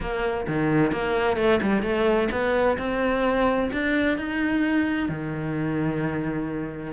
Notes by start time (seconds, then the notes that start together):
0.00 A#3
0.47 D#3
0.91 A#3
1.37 A3
1.62 G3
1.82 A3
2.31 B3
2.78 C4
3.72 D4
4.17 D#4
5.09 D#3